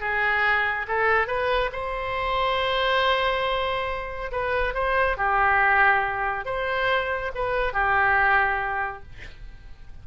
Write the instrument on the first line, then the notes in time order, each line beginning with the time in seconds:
oboe
0.00 G#4
0.88 A4
1.27 B4
1.72 C5
4.31 B4
4.74 C5
5.17 G4
6.45 C5
7.35 B4
7.73 G4